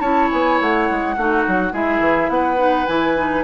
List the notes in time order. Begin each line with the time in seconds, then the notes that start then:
0.00 C#4 E4 C#5 A5
0.31 B3 G#5
0.60 A3 F#5
0.90 G#3
1.17 A3 D#4 F#4
1.47 F#3
1.72 G#3 E4 G#4 E5
1.99 E3
2.29 B3 B4 F#5
2.57 D#4
2.86 E3 E4 G#5
3.16 D#4